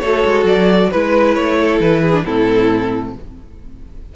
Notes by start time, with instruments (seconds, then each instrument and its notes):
0.00 cello A3, viola F#4, violin A4 C#5
0.25 cello G#3
0.44 cello F#3, violin D5
0.91 cello G#3, viola E4, violin B4
1.35 cello A3, violin C#5
1.60 violin A4
1.80 cello E3, violin B4
2.02 violin G#4
2.13 viola D4
2.25 cello A2, viola C4, violin E4 A4